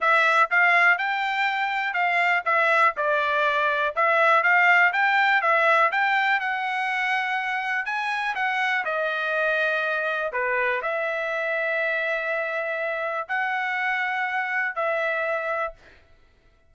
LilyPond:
\new Staff \with { instrumentName = "trumpet" } { \time 4/4 \tempo 4 = 122 e''4 f''4 g''2 | f''4 e''4 d''2 | e''4 f''4 g''4 e''4 | g''4 fis''2. |
gis''4 fis''4 dis''2~ | dis''4 b'4 e''2~ | e''2. fis''4~ | fis''2 e''2 | }